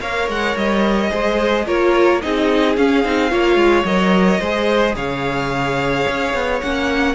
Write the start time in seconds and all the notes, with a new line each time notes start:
0.00 A#3 A#4 C#5 F5
0.28 G#3 F#5
0.56 G3 D#5
1.10 G#3 G#4 C5
1.66 A#3 F4 A#4 C#5
2.21 C4 D#4 G#4 D#5
2.76 C#4 F5
3.04 C4 D#4
3.29 A#3 F4 C#5
3.55 G#3
3.84 F#3 A#4 D#5
4.40 G#3 G#4 C5
4.96 C#3 C#5 F5
6.08 C#4
6.33 B3
6.60 A#3 C#4 F#5